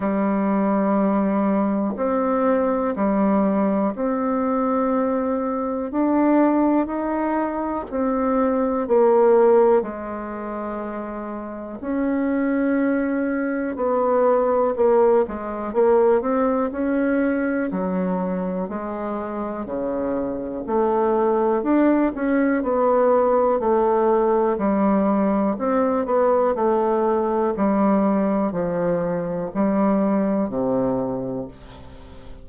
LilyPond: \new Staff \with { instrumentName = "bassoon" } { \time 4/4 \tempo 4 = 61 g2 c'4 g4 | c'2 d'4 dis'4 | c'4 ais4 gis2 | cis'2 b4 ais8 gis8 |
ais8 c'8 cis'4 fis4 gis4 | cis4 a4 d'8 cis'8 b4 | a4 g4 c'8 b8 a4 | g4 f4 g4 c4 | }